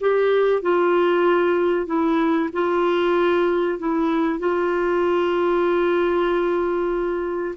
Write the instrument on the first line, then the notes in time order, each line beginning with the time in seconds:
clarinet
0.00 G4
0.62 F4
1.86 E4
2.53 F4
3.79 E4
4.39 F4